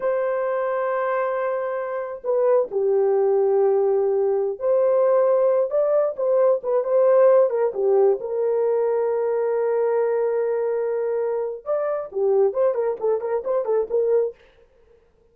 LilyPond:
\new Staff \with { instrumentName = "horn" } { \time 4/4 \tempo 4 = 134 c''1~ | c''4 b'4 g'2~ | g'2~ g'16 c''4.~ c''16~ | c''8. d''4 c''4 b'8 c''8.~ |
c''8. ais'8 g'4 ais'4.~ ais'16~ | ais'1~ | ais'2 d''4 g'4 | c''8 ais'8 a'8 ais'8 c''8 a'8 ais'4 | }